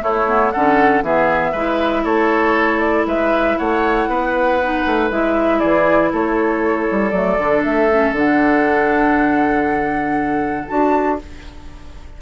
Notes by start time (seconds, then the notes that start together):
0.00 A3 E4 C#5
0.27 B3
0.51 D3 C#4 A4 F#5
1.02 E3 B3 G#4 E5
1.52 G#3 E4 B4
2.04 A3 A4 C#5
2.79 D5
3.06 G#3 B4 E5
3.58 A3 C#5 F#5
4.08 B3 B4
4.62 D#4
4.86 A3
5.10 G#3 E4 E5
5.59 E3 G#4 D5
6.12 A3 A4 C#5
6.91 G3
7.10 F#3 A3 D5
7.39 D3 D4
7.63 A3 E5
7.91 C#4
8.11 D3 D4
8.18 F#5
10.68 D4 F#4 A5